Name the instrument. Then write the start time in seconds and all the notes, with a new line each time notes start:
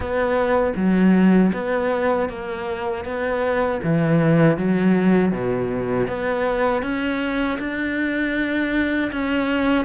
cello
0.00 B3
0.76 F#3
1.53 B3
2.29 A#3
3.04 B3
3.83 E3
4.57 F#3
5.32 B2
6.07 B3
6.82 C#4
7.59 D4
9.12 C#4